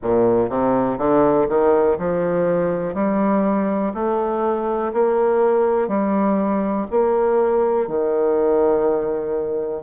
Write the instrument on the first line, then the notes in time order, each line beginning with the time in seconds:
bassoon
0.02 A#2
0.49 C3
0.97 D3
1.48 D#3
1.98 F3
2.94 G3
3.93 A3
4.93 A#3
5.87 G3
6.91 A#3
7.87 D#3